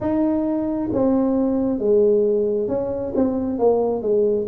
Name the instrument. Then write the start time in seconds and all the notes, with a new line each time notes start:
tuba
0.00 D#4
0.92 C4
1.78 G#3
2.68 C#4
3.15 C4
3.58 A#3
4.02 G#3